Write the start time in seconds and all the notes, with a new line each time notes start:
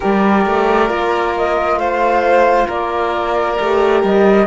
0.00 G3 G4 A#4 D5
0.46 A3
0.88 A#3 F4
1.36 D#5
1.76 A3 C5 F5
2.67 A#3 A#4 D5
3.58 A3 G4
4.03 G3 D#5